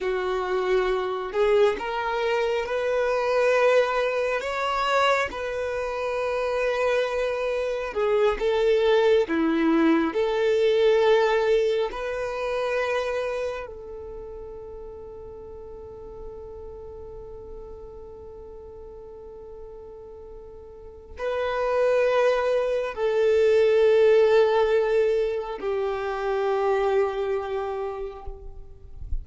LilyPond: \new Staff \with { instrumentName = "violin" } { \time 4/4 \tempo 4 = 68 fis'4. gis'8 ais'4 b'4~ | b'4 cis''4 b'2~ | b'4 gis'8 a'4 e'4 a'8~ | a'4. b'2 a'8~ |
a'1~ | a'1 | b'2 a'2~ | a'4 g'2. | }